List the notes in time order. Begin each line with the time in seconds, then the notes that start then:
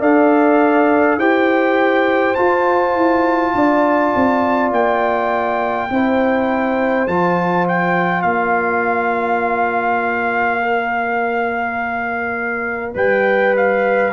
0.00 D4 A4 D5 F5
1.17 E4 G4 C5 G5
2.34 F4 A5
2.95 E4
3.54 D4 D5
4.15 C4
4.71 A#3 G5
5.89 C4 E4 C5
7.07 F3 F4 A5
7.68 G5
8.21 A#3 D5 F5
10.60 A#4
12.94 G3 B4 G5
13.56 F5